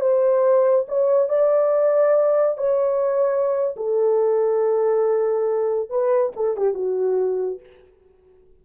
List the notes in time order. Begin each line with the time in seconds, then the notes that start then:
0.00 C5
0.88 C#5
1.29 D5
2.57 C#5
3.76 A4
5.89 B4
6.36 A4
6.56 G4
6.74 F#4